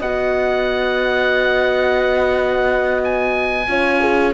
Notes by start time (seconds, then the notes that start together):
0.00 B3 F#4 D#5 F#5
3.04 G#5
3.67 C#4 F4 C#5
4.01 G#4